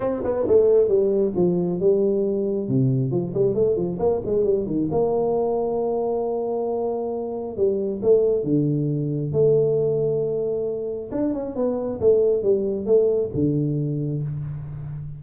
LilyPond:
\new Staff \with { instrumentName = "tuba" } { \time 4/4 \tempo 4 = 135 c'8 b8 a4 g4 f4 | g2 c4 f8 g8 | a8 f8 ais8 gis8 g8 dis8 ais4~ | ais1~ |
ais4 g4 a4 d4~ | d4 a2.~ | a4 d'8 cis'8 b4 a4 | g4 a4 d2 | }